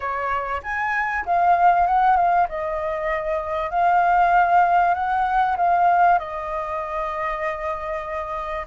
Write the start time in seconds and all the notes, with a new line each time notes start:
0.00 C#5
0.62 G#5
1.25 F5
1.86 F#5
2.16 F5
2.49 D#5
3.70 F5
4.94 F#5
5.57 F5
6.19 D#5